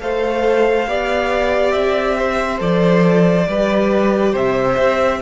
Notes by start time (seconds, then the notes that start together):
0.00 A3 A4 C5 F5
0.87 B3 G4 D5
1.72 C4 E5
2.18 C5
2.58 F3 A4 D5
3.47 G3 G4 B4
4.32 C3 C5 E5
4.78 C4